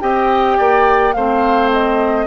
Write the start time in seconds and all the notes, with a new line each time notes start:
0.00 C4 G4 D#5 G5
0.57 A#3 D5
1.12 A3 C4 C5 F5
1.72 D#5